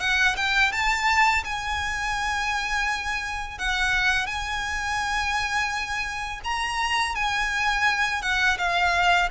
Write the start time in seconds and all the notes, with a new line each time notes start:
0.00 F#5
0.37 G5
0.72 A5
1.44 G#5
3.58 F#5
4.27 G#5
6.44 A#5
7.16 G#5
8.22 F#5
8.58 F5